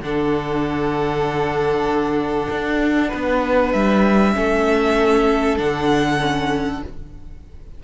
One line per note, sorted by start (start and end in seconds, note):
0.00 2.47 D3
0.00 4.33 D4
0.00 3.08 A4
0.00 3.72 F#5
2.50 3.12 D4
3.08 3.73 B3
3.08 4.32 B4
3.72 4.35 G3
3.72 5.58 E5
4.33 5.59 A3
4.33 5.57 C#4
4.33 6.84 A4
5.57 6.83 D3
5.57 6.18 D4
5.57 6.82 F#5
6.20 6.82 C#4